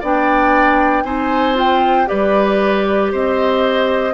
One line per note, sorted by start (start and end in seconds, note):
0.00 1.03 B3
0.00 1.04 D4
0.00 1.03 D5
0.00 1.04 G5
1.03 2.07 C4
1.03 1.54 D#4
1.03 2.08 C5
1.03 1.56 G#5
1.54 2.06 F4
1.54 2.08 G5
2.06 3.13 G3
2.06 4.13 G4
2.06 3.12 B4
2.06 3.11 D5
3.12 4.14 C4
3.12 4.14 C5
3.12 4.14 D#5